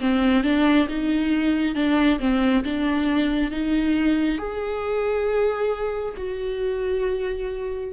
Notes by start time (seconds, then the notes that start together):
0.00 C4
0.44 D4
0.89 D#4
1.75 D4
2.19 C4
2.64 D4
3.51 D#4
4.38 G#4
6.17 F#4